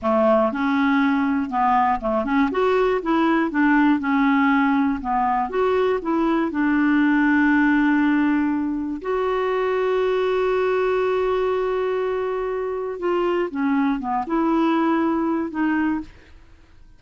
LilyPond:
\new Staff \with { instrumentName = "clarinet" } { \time 4/4 \tempo 4 = 120 a4 cis'2 b4 | a8 cis'8 fis'4 e'4 d'4 | cis'2 b4 fis'4 | e'4 d'2.~ |
d'2 fis'2~ | fis'1~ | fis'2 f'4 cis'4 | b8 e'2~ e'8 dis'4 | }